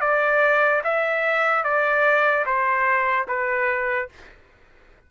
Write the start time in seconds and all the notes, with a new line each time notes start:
0.00 D5
0.83 E5
1.63 D5
2.45 C5
3.28 B4